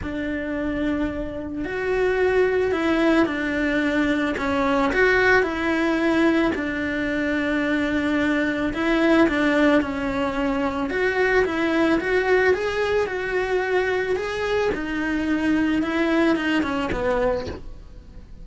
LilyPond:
\new Staff \with { instrumentName = "cello" } { \time 4/4 \tempo 4 = 110 d'2. fis'4~ | fis'4 e'4 d'2 | cis'4 fis'4 e'2 | d'1 |
e'4 d'4 cis'2 | fis'4 e'4 fis'4 gis'4 | fis'2 gis'4 dis'4~ | dis'4 e'4 dis'8 cis'8 b4 | }